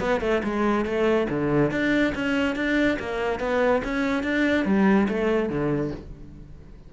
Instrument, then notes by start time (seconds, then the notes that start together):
cello
0.00 B3
0.21 A3
0.44 G#3
0.85 A3
1.30 D3
1.71 D4
2.15 C#4
2.55 D4
2.99 A#3
3.40 B3
3.84 C#4
4.23 D4
4.65 G3
5.08 A3
5.49 D3